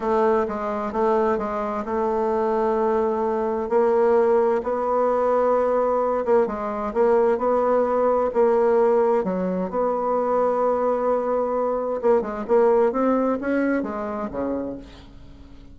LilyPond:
\new Staff \with { instrumentName = "bassoon" } { \time 4/4 \tempo 4 = 130 a4 gis4 a4 gis4 | a1 | ais2 b2~ | b4. ais8 gis4 ais4 |
b2 ais2 | fis4 b2.~ | b2 ais8 gis8 ais4 | c'4 cis'4 gis4 cis4 | }